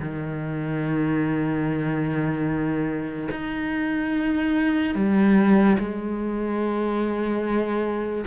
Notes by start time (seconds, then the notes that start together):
0.00 D#3
3.32 D#4
4.95 G3
5.78 G#3